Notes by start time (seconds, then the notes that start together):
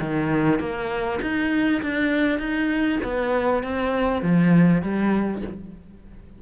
0.00 D#3
0.59 A#3
1.22 D#4
1.82 D4
2.39 D#4
3.04 B3
3.63 C4
4.22 F3
4.82 G3